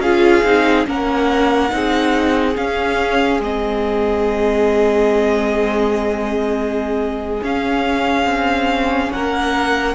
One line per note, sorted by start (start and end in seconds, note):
0.00 0.42 C#4
0.00 0.45 F4
0.00 0.87 G#4
0.00 0.86 F5
0.44 0.86 C4
0.44 0.86 D#4
0.86 1.72 A#3
0.86 1.70 C#4
0.86 1.73 A#4
0.86 2.57 F#5
1.70 2.57 C4
1.70 2.54 D#4
1.76 9.13 G#4
2.56 3.41 C#4
2.56 3.39 C#4
2.56 3.41 F5
3.39 7.41 G#3
3.39 7.43 C4
3.39 7.43 D#5
7.43 9.95 C#4
7.43 8.25 C#4
7.43 9.12 F5
8.25 9.10 C4
9.12 9.95 A#3
9.12 9.95 A#4
9.12 9.95 F#5